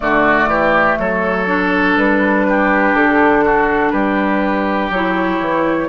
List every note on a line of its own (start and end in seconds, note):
0.00 0.46 D3
0.00 1.46 A3
0.00 0.49 F#4
0.00 0.97 D5
0.46 0.95 E3
0.46 0.98 G4
0.99 1.97 F#3
0.99 2.46 A4
0.99 1.97 C#5
1.46 4.91 D4
1.97 2.93 G3
1.97 2.95 B4
2.48 3.44 G4
2.93 3.91 D3
2.93 3.90 A4
3.44 3.92 F#4
3.90 4.90 G3
3.90 5.88 G4
3.90 4.89 B4
4.90 5.39 F#3
4.90 5.88 E4
4.90 5.88 C#5
5.40 5.88 E3